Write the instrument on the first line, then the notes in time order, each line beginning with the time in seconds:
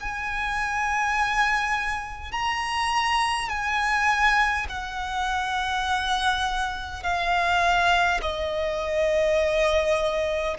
violin
0.00 G#5
2.32 A#5
3.49 G#5
4.68 F#5
7.03 F5
8.21 D#5